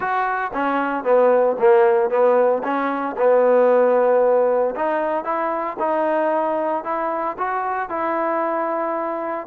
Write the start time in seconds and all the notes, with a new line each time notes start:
0.00 F#4
0.53 C#4
1.04 B3
1.59 A#3
2.09 B3
2.63 C#4
3.17 B3
4.75 D#4
5.24 E4
5.79 D#4
6.84 E4
7.38 F#4
7.89 E4